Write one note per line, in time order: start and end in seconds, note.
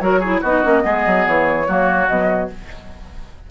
0.00 0.42 F#3
0.00 0.22 F#4
0.00 0.20 A#4
0.00 0.41 C#5
0.20 0.45 E4
0.20 0.41 G#4
0.41 0.64 B3
0.41 0.64 D#4
0.41 0.83 F#4
0.41 1.26 D#5
0.64 0.85 A#3
0.64 0.81 C#4
0.81 1.06 G#3
0.81 1.64 B3
0.81 1.67 G#4
1.06 1.27 F#3
1.26 1.68 E3
1.26 2.08 C#5
1.68 2.08 F#3
1.68 2.09 A#3
1.68 2.51 F#4
2.08 2.50 B2
2.08 2.51 F#3
2.08 2.50 D#5